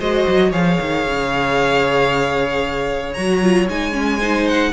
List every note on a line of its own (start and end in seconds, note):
0.00 0.27 G#3
0.00 0.53 F#4
0.00 0.51 C5
0.00 0.53 D#5
0.28 0.53 F#3
0.51 0.79 F3
0.51 3.16 G#4
0.51 4.19 C#5
0.51 3.14 F5
0.81 1.07 D#3
1.07 3.18 C#3
3.14 3.69 F#3
3.14 3.43 F#4
3.14 3.67 A#5
3.43 3.69 F4
3.69 4.73 G#3
3.69 3.93 D#4
3.69 4.48 G#5
3.93 4.19 C#4
4.20 4.73 D#4
4.20 4.72 C5
4.48 4.73 F#5